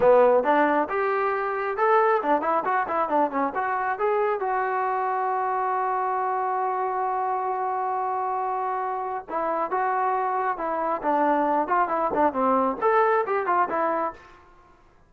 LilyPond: \new Staff \with { instrumentName = "trombone" } { \time 4/4 \tempo 4 = 136 b4 d'4 g'2 | a'4 d'8 e'8 fis'8 e'8 d'8 cis'8 | fis'4 gis'4 fis'2~ | fis'1~ |
fis'1~ | fis'4 e'4 fis'2 | e'4 d'4. f'8 e'8 d'8 | c'4 a'4 g'8 f'8 e'4 | }